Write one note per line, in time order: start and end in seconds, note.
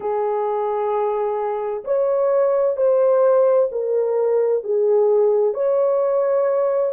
0.00 1.83 G#4
1.84 2.77 C#5
2.77 3.69 C5
3.71 4.63 A#4
4.63 5.54 G#4
5.54 6.92 C#5